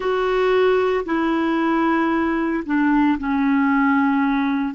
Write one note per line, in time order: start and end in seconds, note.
0.00 1.04 F#4
1.05 2.63 E4
2.65 3.18 D4
3.19 4.74 C#4